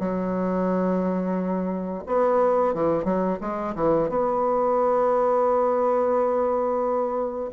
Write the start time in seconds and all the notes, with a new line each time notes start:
0.00 F#3
2.07 B3
2.75 E3
3.05 F#3
3.41 G#3
3.76 E3
4.09 B3